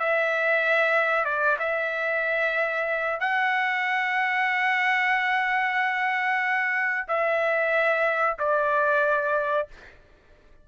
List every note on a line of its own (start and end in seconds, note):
0.00 1.26 E5
1.26 1.58 D5
1.60 3.21 E5
3.21 7.08 F#5
7.09 8.38 E5
8.40 9.69 D5